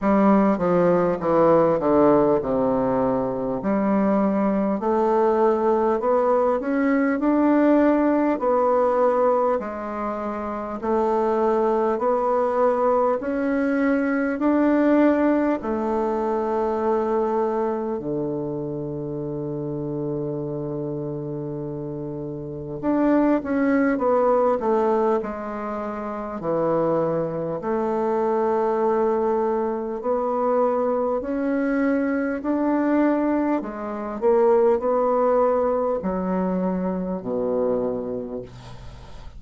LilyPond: \new Staff \with { instrumentName = "bassoon" } { \time 4/4 \tempo 4 = 50 g8 f8 e8 d8 c4 g4 | a4 b8 cis'8 d'4 b4 | gis4 a4 b4 cis'4 | d'4 a2 d4~ |
d2. d'8 cis'8 | b8 a8 gis4 e4 a4~ | a4 b4 cis'4 d'4 | gis8 ais8 b4 fis4 b,4 | }